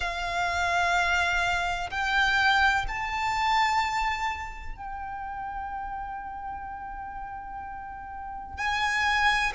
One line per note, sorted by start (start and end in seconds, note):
0.00 1.90 F5
1.90 2.85 G5
2.88 4.76 A5
4.76 8.57 G5
8.57 9.52 G#5